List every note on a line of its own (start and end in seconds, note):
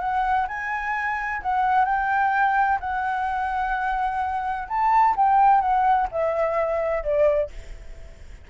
0.00 0.47 F#5
0.48 1.42 G#5
1.42 1.85 F#5
1.85 2.79 G5
2.80 4.68 F#5
4.68 5.15 A5
5.16 5.61 G5
5.61 6.08 F#5
6.11 7.04 E5
7.04 7.51 D5